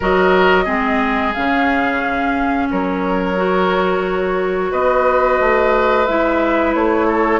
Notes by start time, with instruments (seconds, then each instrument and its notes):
0.00 bassoon F#3, clarinet F#4, oboe A#4, flute D#5
0.64 bassoon G#3, clarinet C4, oboe G#4
1.33 bassoon C#3, clarinet C#4, flute F5
2.70 bassoon F#3, oboe A#4, flute C#5
3.36 clarinet F#4
4.71 bassoon B3, oboe B4, flute D#5
5.39 bassoon A3
6.06 bassoon G#3, clarinet E4, flute E5
6.74 bassoon A3, flute C#5
7.07 oboe A4